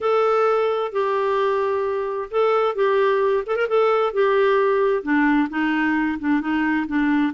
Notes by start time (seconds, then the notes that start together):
0.01 A4
0.91 G4
2.30 A4
2.75 G4
3.46 A4
3.56 A#4
3.68 A4
4.13 G4
5.02 D4
5.49 D#4
6.19 D4
6.40 D#4
6.87 D4